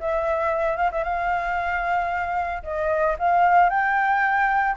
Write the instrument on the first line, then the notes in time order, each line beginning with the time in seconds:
flute
0.00 E5
0.77 F5
0.91 E5
1.04 F5
2.63 D#5
3.19 F5
3.70 G5